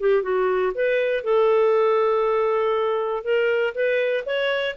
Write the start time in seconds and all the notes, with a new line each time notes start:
0.00 G4
0.22 F#4
0.74 B4
1.24 A4
3.24 A#4
3.74 B4
4.26 C#5